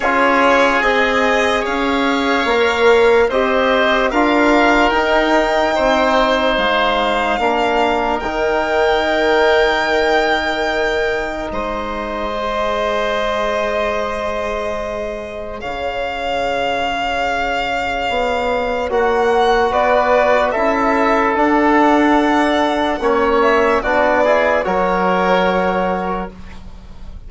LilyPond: <<
  \new Staff \with { instrumentName = "violin" } { \time 4/4 \tempo 4 = 73 cis''4 dis''4 f''2 | dis''4 f''4 g''2 | f''2 g''2~ | g''2 dis''2~ |
dis''2. f''4~ | f''2. fis''4 | d''4 e''4 fis''2~ | fis''8 e''8 d''4 cis''2 | }
  \new Staff \with { instrumentName = "oboe" } { \time 4/4 gis'2 cis''2 | c''4 ais'2 c''4~ | c''4 ais'2.~ | ais'2 c''2~ |
c''2. cis''4~ | cis''1 | b'4 a'2. | cis''4 fis'8 gis'8 ais'2 | }
  \new Staff \with { instrumentName = "trombone" } { \time 4/4 f'4 gis'2 ais'4 | g'4 f'4 dis'2~ | dis'4 d'4 dis'2~ | dis'2. gis'4~ |
gis'1~ | gis'2. fis'4~ | fis'4 e'4 d'2 | cis'4 d'8 e'8 fis'2 | }
  \new Staff \with { instrumentName = "bassoon" } { \time 4/4 cis'4 c'4 cis'4 ais4 | c'4 d'4 dis'4 c'4 | gis4 ais4 dis2~ | dis2 gis2~ |
gis2. cis4~ | cis2 b4 ais4 | b4 cis'4 d'2 | ais4 b4 fis2 | }
>>